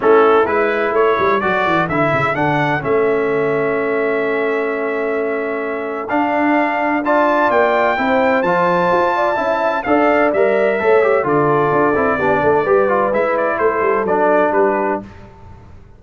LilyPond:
<<
  \new Staff \with { instrumentName = "trumpet" } { \time 4/4 \tempo 4 = 128 a'4 b'4 cis''4 d''4 | e''4 fis''4 e''2~ | e''1~ | e''4 f''2 a''4 |
g''2 a''2~ | a''4 f''4 e''2 | d''1 | e''8 d''8 c''4 d''4 b'4 | }
  \new Staff \with { instrumentName = "horn" } { \time 4/4 e'2 a'2~ | a'1~ | a'1~ | a'2. d''4~ |
d''4 c''2~ c''8 d''8 | e''4 d''2 cis''4 | a'2 g'8 a'8 b'4~ | b'4 a'2 g'4 | }
  \new Staff \with { instrumentName = "trombone" } { \time 4/4 cis'4 e'2 fis'4 | e'4 d'4 cis'2~ | cis'1~ | cis'4 d'2 f'4~ |
f'4 e'4 f'2 | e'4 a'4 ais'4 a'8 g'8 | f'4. e'8 d'4 g'8 f'8 | e'2 d'2 | }
  \new Staff \with { instrumentName = "tuba" } { \time 4/4 a4 gis4 a8 g8 fis8 e8 | d8 cis8 d4 a2~ | a1~ | a4 d'2. |
ais4 c'4 f4 f'4 | cis'4 d'4 g4 a4 | d4 d'8 c'8 b8 a8 g4 | gis4 a8 g8 fis4 g4 | }
>>